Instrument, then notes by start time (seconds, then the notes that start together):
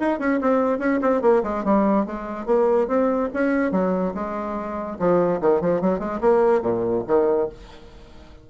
bassoon
0.00 D#4
0.20 C#4
0.41 C4
0.79 C#4
1.02 C4
1.22 A#3
1.44 G#3
1.65 G3
2.06 G#3
2.46 A#3
2.88 C4
3.34 C#4
3.72 F#3
4.15 G#3
5.00 F3
5.41 D#3
5.61 F3
5.81 F#3
5.99 G#3
6.21 A#3
6.62 A#2
7.08 D#3